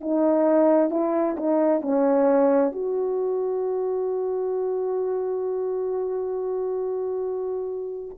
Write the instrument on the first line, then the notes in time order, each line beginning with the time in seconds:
horn
0.00 D#4
0.90 E4
1.36 D#4
1.81 C#4
2.72 F#4